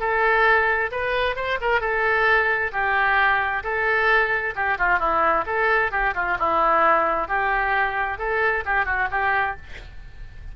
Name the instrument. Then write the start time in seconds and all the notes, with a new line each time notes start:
oboe
0.00 A4
0.92 B4
1.36 C5
1.61 A#4
1.81 A4
2.72 G4
3.63 A4
4.55 G4
4.78 F4
4.99 E4
5.46 A4
5.92 G4
6.15 F4
6.39 E4
7.28 G4
8.18 A4
8.65 G4
8.86 F#4
9.11 G4